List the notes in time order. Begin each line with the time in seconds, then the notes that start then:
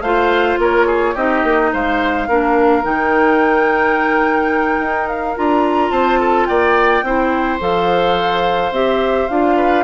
0.00 A3 F4 C5 F5
0.58 A#3 A#4 C#5
0.86 G#4
1.14 C4 D#4 G4 D#5
1.43 A#3
1.73 G#3 C5 F5
2.28 A#3 D4 A#4
2.82 D#3 D#4 G5
4.79 D#4
5.07 F5
5.35 D4 F4 A#5
5.91 C4 C5 A5
6.19 A4
6.46 A#3 D5 G5
7.02 C4 E4 C5
7.59 F3 A4 F5
8.71 C4 G4 E5
9.28 D4 F4 F5
9.56 B4